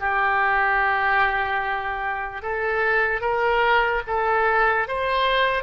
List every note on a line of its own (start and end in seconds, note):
0.00 2.42 G4
2.42 3.21 A4
3.21 4.02 A#4
4.07 4.88 A4
4.88 5.63 C5